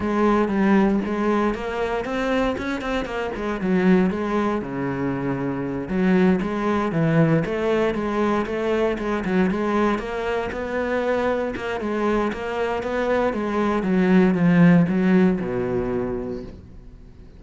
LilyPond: \new Staff \with { instrumentName = "cello" } { \time 4/4 \tempo 4 = 117 gis4 g4 gis4 ais4 | c'4 cis'8 c'8 ais8 gis8 fis4 | gis4 cis2~ cis8 fis8~ | fis8 gis4 e4 a4 gis8~ |
gis8 a4 gis8 fis8 gis4 ais8~ | ais8 b2 ais8 gis4 | ais4 b4 gis4 fis4 | f4 fis4 b,2 | }